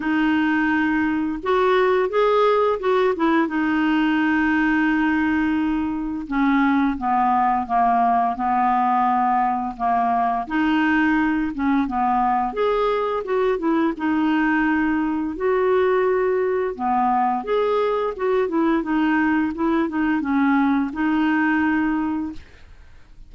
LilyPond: \new Staff \with { instrumentName = "clarinet" } { \time 4/4 \tempo 4 = 86 dis'2 fis'4 gis'4 | fis'8 e'8 dis'2.~ | dis'4 cis'4 b4 ais4 | b2 ais4 dis'4~ |
dis'8 cis'8 b4 gis'4 fis'8 e'8 | dis'2 fis'2 | b4 gis'4 fis'8 e'8 dis'4 | e'8 dis'8 cis'4 dis'2 | }